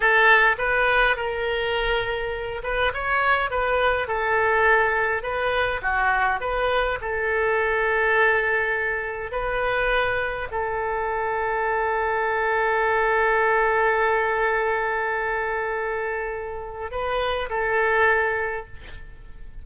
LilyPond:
\new Staff \with { instrumentName = "oboe" } { \time 4/4 \tempo 4 = 103 a'4 b'4 ais'2~ | ais'8 b'8 cis''4 b'4 a'4~ | a'4 b'4 fis'4 b'4 | a'1 |
b'2 a'2~ | a'1~ | a'1~ | a'4 b'4 a'2 | }